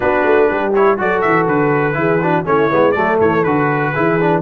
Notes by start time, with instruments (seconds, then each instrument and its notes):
0.00 tuba B3, trombone D4, horn F#4, trumpet B4
0.25 tuba A3
0.48 tuba G3, horn G4
0.74 trombone E4, trumpet C#5
0.97 tuba F#3, trombone F#4, horn A4, trumpet D5
1.21 tuba E3, trumpet E5
1.47 tuba D3, trumpet B4
1.93 tuba E3, trombone E4, horn G#4
2.21 trombone D4, horn F#4
2.45 tuba A3, trombone C#4, horn E4, trumpet C#5
2.70 tuba G#3, trombone B3
2.91 tuba F#3, trombone A3, horn A4, trumpet D5
3.21 tuba E3, trumpet C#5
3.43 tuba D3, trombone F#4, trumpet B4
3.93 tuba E3, trombone E4, horn G#4
4.19 trombone D4